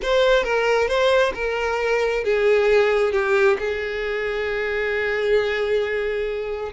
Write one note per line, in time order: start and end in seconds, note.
0.02 0.43 C5
0.43 0.88 A#4
0.88 1.32 C5
1.34 2.24 A#4
2.24 3.12 G#4
3.12 3.57 G4
3.59 6.72 G#4